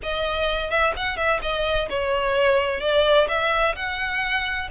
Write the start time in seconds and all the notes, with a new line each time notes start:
0.03 D#5
0.70 E5
0.96 F#5
1.16 E5
1.41 D#5
1.89 C#5
2.80 D5
3.28 E5
3.75 F#5